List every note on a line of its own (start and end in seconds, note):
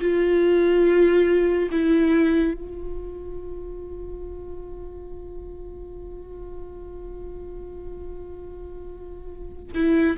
0.00 1.69 F4
1.71 2.54 E4
2.54 9.72 F4
9.74 10.16 E4